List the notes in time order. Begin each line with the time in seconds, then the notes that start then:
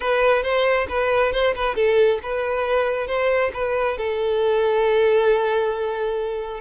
0.00 B4
0.43 C5
0.88 B4
1.32 C5
1.55 B4
1.75 A4
2.22 B4
3.07 C5
3.53 B4
3.97 A4